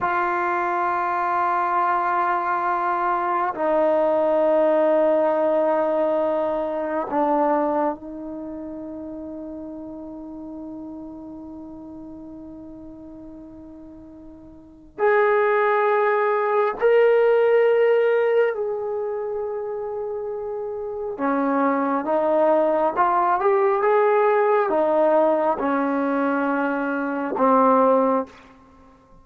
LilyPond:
\new Staff \with { instrumentName = "trombone" } { \time 4/4 \tempo 4 = 68 f'1 | dis'1 | d'4 dis'2.~ | dis'1~ |
dis'4 gis'2 ais'4~ | ais'4 gis'2. | cis'4 dis'4 f'8 g'8 gis'4 | dis'4 cis'2 c'4 | }